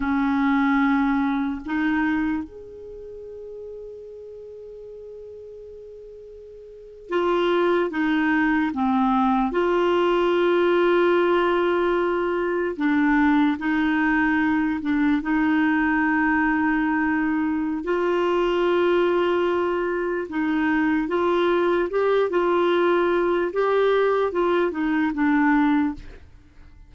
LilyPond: \new Staff \with { instrumentName = "clarinet" } { \time 4/4 \tempo 4 = 74 cis'2 dis'4 gis'4~ | gis'1~ | gis'8. f'4 dis'4 c'4 f'16~ | f'2.~ f'8. d'16~ |
d'8. dis'4. d'8 dis'4~ dis'16~ | dis'2 f'2~ | f'4 dis'4 f'4 g'8 f'8~ | f'4 g'4 f'8 dis'8 d'4 | }